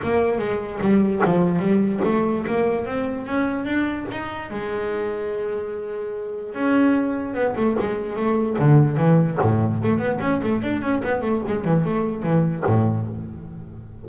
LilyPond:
\new Staff \with { instrumentName = "double bass" } { \time 4/4 \tempo 4 = 147 ais4 gis4 g4 f4 | g4 a4 ais4 c'4 | cis'4 d'4 dis'4 gis4~ | gis1 |
cis'2 b8 a8 gis4 | a4 d4 e4 a,4 | a8 b8 cis'8 a8 d'8 cis'8 b8 a8 | gis8 e8 a4 e4 a,4 | }